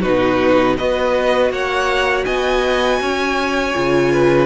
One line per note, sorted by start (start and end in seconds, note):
0.00 0.78 B2
0.00 0.77 D#4
0.00 0.74 F#4
0.00 0.76 B4
0.77 1.50 B3
0.77 3.74 F#4
0.77 1.52 B4
0.77 1.51 D#5
1.50 2.24 A#3
1.50 2.25 C#5
1.50 2.25 F#5
2.25 3.00 B3
2.25 2.99 D#5
2.25 4.46 G#5
3.00 3.74 C#4
3.00 4.12 C#5
3.74 4.46 C#3
3.74 4.46 F4
4.12 4.46 B4